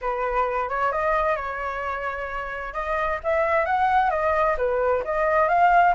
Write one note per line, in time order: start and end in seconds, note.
0.01 0.69 B4
0.69 0.92 C#5
0.92 1.36 D#5
1.36 2.73 C#5
2.73 3.19 D#5
3.23 3.65 E5
3.65 4.10 F#5
4.10 4.56 D#5
4.57 5.03 B4
5.04 5.48 D#5
5.48 5.94 F5